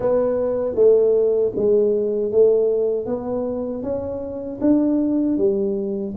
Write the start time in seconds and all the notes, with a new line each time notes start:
0.00 B3
0.75 A3
1.55 G#3
2.31 A3
3.06 B3
3.82 C#4
4.60 D4
5.37 G3